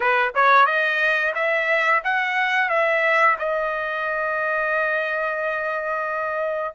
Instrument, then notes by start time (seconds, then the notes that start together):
trumpet
0.00 B4
0.34 C#5
0.66 D#5
1.35 E5
2.03 F#5
2.69 E5
3.38 D#5